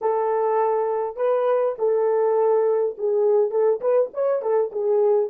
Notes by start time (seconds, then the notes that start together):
0.01 A4
1.16 B4
1.78 A4
2.97 G#4
3.51 A4
3.80 B4
4.13 C#5
4.41 A4
4.72 G#4